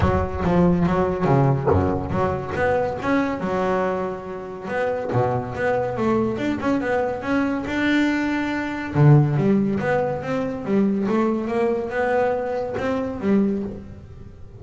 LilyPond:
\new Staff \with { instrumentName = "double bass" } { \time 4/4 \tempo 4 = 141 fis4 f4 fis4 cis4 | fis,4 fis4 b4 cis'4 | fis2. b4 | b,4 b4 a4 d'8 cis'8 |
b4 cis'4 d'2~ | d'4 d4 g4 b4 | c'4 g4 a4 ais4 | b2 c'4 g4 | }